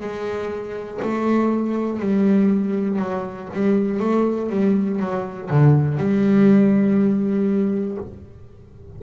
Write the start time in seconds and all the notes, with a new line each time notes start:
0.00 G#3
1.01 A3
2.00 G3
2.98 F#3
3.53 G3
4.00 A3
4.50 G3
4.99 F#3
5.50 D3
5.97 G3